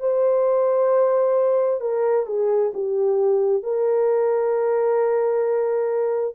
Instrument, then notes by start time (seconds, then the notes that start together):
horn
0.00 C5
1.81 A#4
2.26 G#4
2.74 G4
3.63 A#4